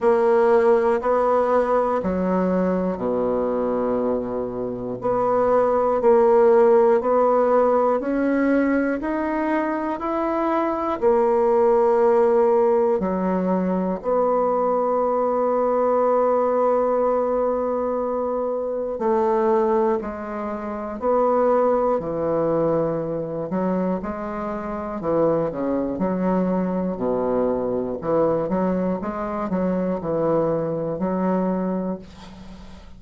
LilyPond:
\new Staff \with { instrumentName = "bassoon" } { \time 4/4 \tempo 4 = 60 ais4 b4 fis4 b,4~ | b,4 b4 ais4 b4 | cis'4 dis'4 e'4 ais4~ | ais4 fis4 b2~ |
b2. a4 | gis4 b4 e4. fis8 | gis4 e8 cis8 fis4 b,4 | e8 fis8 gis8 fis8 e4 fis4 | }